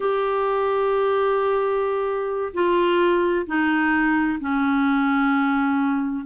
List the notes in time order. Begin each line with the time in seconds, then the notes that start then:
0.00 G4
2.53 F4
3.46 D#4
4.40 C#4